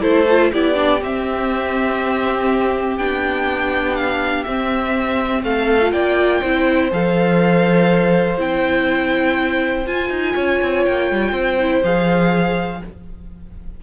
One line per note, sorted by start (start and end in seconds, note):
0.00 0.52 A3
0.00 0.25 E4
0.00 0.51 A4
0.00 0.51 C5
0.30 0.54 F4
0.51 1.02 B3
0.51 0.75 E4
0.51 5.43 G4
0.51 1.02 D5
0.75 0.99 D4
1.01 2.98 C4
1.01 2.97 C4
1.01 2.97 E5
2.97 4.45 B3
2.97 4.46 D4
2.97 3.95 G5
3.95 4.43 F5
4.43 5.81 C4
4.43 5.43 C4
4.43 5.42 E5
5.43 5.92 A3
5.43 5.93 A4
5.43 5.92 F5
5.81 6.42 F4
5.92 6.41 A#3
5.92 6.40 D5
5.92 6.90 G5
6.40 6.91 C4
6.40 6.91 E4
6.40 10.34 C5
6.91 8.38 F3
6.91 8.38 A4
6.91 8.40 F5
8.38 9.86 C4
8.38 9.85 E4
8.38 9.87 G5
9.86 10.10 F4
9.86 11.58 F4
9.86 10.85 G#5
10.10 10.34 D#4
10.35 10.61 C#4
10.35 11.32 C#5
10.61 10.86 C4
10.85 11.11 A#3
10.85 11.83 G5
11.11 11.32 G3
11.32 11.81 C4
11.32 12.80 C5
11.59 11.83 E4
11.83 12.82 F3
11.83 12.82 G#4
11.83 12.83 F5